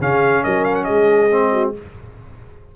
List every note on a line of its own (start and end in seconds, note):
0.00 0.45 C#3
0.00 1.31 C#4
0.00 0.43 G#4
0.00 0.44 F5
0.44 0.89 F#3
0.44 0.86 A#4
0.44 0.65 D#5
0.65 0.75 F5
0.75 0.84 F#5
0.84 1.76 G#3
0.84 1.51 G#4
0.84 1.71 D#5
1.31 1.74 C4
1.52 1.74 F#4